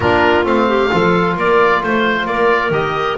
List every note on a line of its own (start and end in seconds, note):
0.00 0.44 A#3
0.00 0.44 D4
0.00 0.68 F4
0.00 0.44 A#4
0.44 0.90 A3
0.44 0.89 C4
0.44 1.37 F5
0.68 0.90 G4
0.90 1.36 F3
0.90 2.71 F4
0.90 1.35 A4
1.35 1.82 A#3
1.35 1.81 A#4
1.35 1.83 D5
1.83 2.25 A3
1.83 2.26 C5
1.83 2.29 C5
2.25 2.70 A#3
2.25 3.18 A#4
2.25 2.72 D5
2.70 3.15 D#3
2.70 3.16 G4
2.70 3.18 D#5